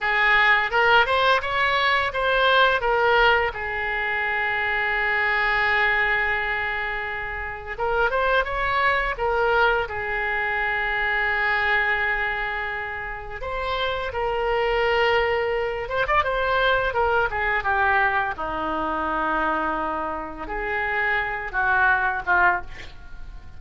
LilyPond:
\new Staff \with { instrumentName = "oboe" } { \time 4/4 \tempo 4 = 85 gis'4 ais'8 c''8 cis''4 c''4 | ais'4 gis'2.~ | gis'2. ais'8 c''8 | cis''4 ais'4 gis'2~ |
gis'2. c''4 | ais'2~ ais'8 c''16 d''16 c''4 | ais'8 gis'8 g'4 dis'2~ | dis'4 gis'4. fis'4 f'8 | }